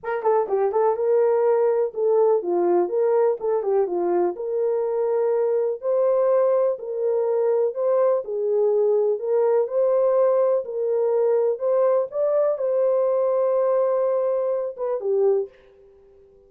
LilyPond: \new Staff \with { instrumentName = "horn" } { \time 4/4 \tempo 4 = 124 ais'8 a'8 g'8 a'8 ais'2 | a'4 f'4 ais'4 a'8 g'8 | f'4 ais'2. | c''2 ais'2 |
c''4 gis'2 ais'4 | c''2 ais'2 | c''4 d''4 c''2~ | c''2~ c''8 b'8 g'4 | }